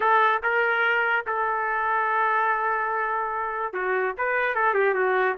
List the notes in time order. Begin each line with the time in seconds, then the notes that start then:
0.00 A4
0.43 A#4
1.26 A4
3.73 F#4
4.17 B4
4.54 A4
4.74 G4
4.94 F#4